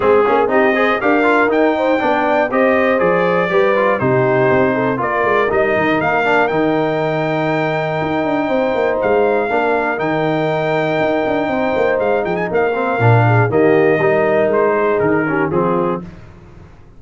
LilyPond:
<<
  \new Staff \with { instrumentName = "trumpet" } { \time 4/4 \tempo 4 = 120 gis'4 dis''4 f''4 g''4~ | g''4 dis''4 d''2 | c''2 d''4 dis''4 | f''4 g''2.~ |
g''2 f''2 | g''1 | f''8 g''16 gis''16 f''2 dis''4~ | dis''4 c''4 ais'4 gis'4 | }
  \new Staff \with { instrumentName = "horn" } { \time 4/4 gis'4 g'8 c''8 ais'4. c''8 | d''4 c''2 b'4 | g'4. a'8 ais'2~ | ais'1~ |
ais'4 c''2 ais'4~ | ais'2. c''4~ | c''8 gis'8 ais'4. gis'8 g'4 | ais'4. gis'4 g'8 f'4 | }
  \new Staff \with { instrumentName = "trombone" } { \time 4/4 c'8 cis'8 dis'8 gis'8 g'8 f'8 dis'4 | d'4 g'4 gis'4 g'8 f'8 | dis'2 f'4 dis'4~ | dis'8 d'8 dis'2.~ |
dis'2. d'4 | dis'1~ | dis'4. c'8 d'4 ais4 | dis'2~ dis'8 cis'8 c'4 | }
  \new Staff \with { instrumentName = "tuba" } { \time 4/4 gis8 ais8 c'4 d'4 dis'4 | b4 c'4 f4 g4 | c4 c'4 ais8 gis8 g8 dis8 | ais4 dis2. |
dis'8 d'8 c'8 ais8 gis4 ais4 | dis2 dis'8 d'8 c'8 ais8 | gis8 f8 ais4 ais,4 dis4 | g4 gis4 dis4 f4 | }
>>